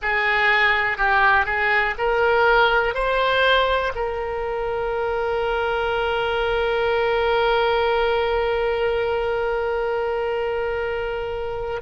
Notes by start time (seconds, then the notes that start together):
0.01 G#4
0.97 G4
1.45 G#4
1.98 A#4
2.94 C5
3.95 A#4